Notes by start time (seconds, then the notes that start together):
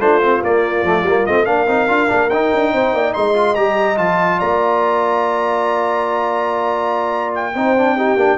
0.00 A3 D4 F4 C5
0.23 C4
0.43 A#3 D5
0.83 F3 A3
1.03 G3 A#3
1.26 A3 C4 D#5
1.46 A#3 D4 A#4 F5
1.67 C4 D#4
1.88 D4 F4
2.08 A#3 D4
2.30 D#4 G5
2.54 D4
2.73 C4 C5
2.94 A#3 D5
3.14 G#3 D#5 C6
3.34 F4
3.55 G3 G4 A#5
3.97 F3 F4 A5
4.39 A#3 D5 A#5
7.35 G5
7.55 C4 D#4 C5
7.78 D4
7.96 D#4 G4
8.16 A#3 D4